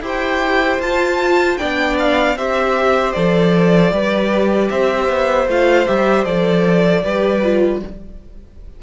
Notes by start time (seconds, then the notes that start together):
0.00 E4 G4 C5 G5
0.78 F4 A5
1.57 B3 D4 D5 G5
1.99 F5
2.35 C4 G4 C5 E5
3.12 F3 A4 D5
3.91 G3 G4 B4
4.69 C4 C5 E5
5.08 B3
5.47 A3 F4 F5
5.86 G3 G4 E5
6.24 F3 A4 D5
7.03 G3 G4 B4
7.42 F4